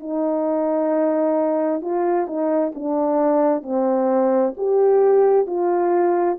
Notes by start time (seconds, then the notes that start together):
0.00 D#4
1.81 F4
2.27 D#4
2.75 D4
3.63 C4
4.57 G4
5.47 F4